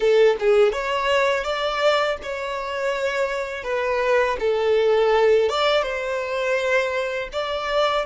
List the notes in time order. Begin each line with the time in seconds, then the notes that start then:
0.00 A4
0.39 G#4
0.72 C#5
1.44 D5
2.22 C#5
3.63 B4
4.39 A4
5.49 D5
5.82 C5
7.32 D5